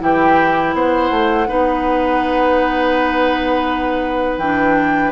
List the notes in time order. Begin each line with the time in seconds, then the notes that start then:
0.00 E3 E4 G4 G5
0.74 B3 C5 F#5
1.11 A3
1.48 B3 D#4 B4
4.38 E3 D4 G5